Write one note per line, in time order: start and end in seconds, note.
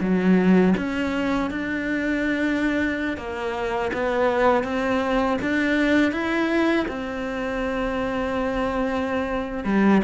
0.00 0.74 F#3
0.77 1.50 C#4
1.50 3.17 D4
3.17 3.91 A#3
3.93 4.63 B3
4.63 5.37 C4
5.41 6.12 D4
6.12 6.86 E4
6.88 9.64 C4
9.64 10.01 G3